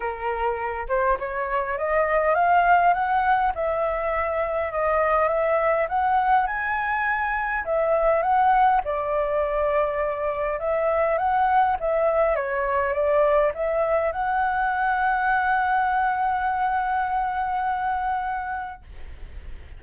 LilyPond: \new Staff \with { instrumentName = "flute" } { \time 4/4 \tempo 4 = 102 ais'4. c''8 cis''4 dis''4 | f''4 fis''4 e''2 | dis''4 e''4 fis''4 gis''4~ | gis''4 e''4 fis''4 d''4~ |
d''2 e''4 fis''4 | e''4 cis''4 d''4 e''4 | fis''1~ | fis''1 | }